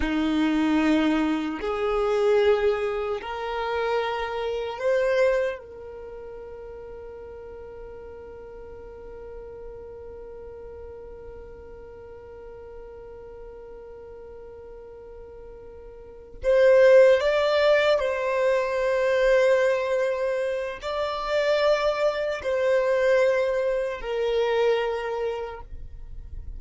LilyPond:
\new Staff \with { instrumentName = "violin" } { \time 4/4 \tempo 4 = 75 dis'2 gis'2 | ais'2 c''4 ais'4~ | ais'1~ | ais'1~ |
ais'1~ | ais'8 c''4 d''4 c''4.~ | c''2 d''2 | c''2 ais'2 | }